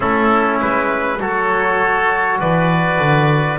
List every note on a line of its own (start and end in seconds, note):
0.00 0.60 A3
0.00 1.19 C#4
0.00 1.19 E4
0.00 0.59 A4
0.60 1.19 G#3
0.60 1.21 B4
1.19 2.39 F#3
1.19 3.58 F#4
1.19 2.39 A4
1.19 2.40 C#5
2.39 2.99 E3
2.39 3.58 B4
2.39 3.58 D5
2.99 3.58 D3